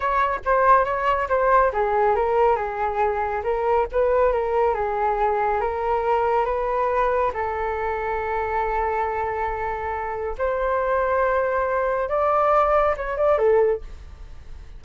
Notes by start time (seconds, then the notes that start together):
0.00 C#5
0.45 C5
0.85 C#5
1.28 C5
1.72 G#4
2.15 A#4
2.56 G#4
3.43 A#4
3.92 B4
4.32 A#4
4.74 G#4
5.61 A#4
6.45 B4
7.33 A4
10.38 C5
12.08 D5
12.96 C#5
13.17 D5
13.38 A4